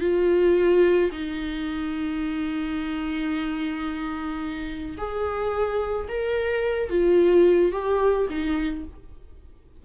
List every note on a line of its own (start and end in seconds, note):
0.00 1.10 F4
1.11 4.97 D#4
4.97 6.07 G#4
6.08 6.89 A#4
6.89 7.72 F4
7.72 8.27 G4
8.29 8.84 D#4